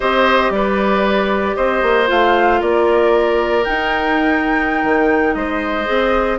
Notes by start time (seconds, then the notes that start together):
0.00 C4 G4 C5 D#5
0.50 G3 B4 D5
1.55 C4 C5 D#5
1.82 A#3
2.06 A3 F4 F5
2.60 A#3 A#4 D5
3.64 D#4 G5
4.83 D#3
5.34 G#3 C5 D#5
5.85 C4 G#4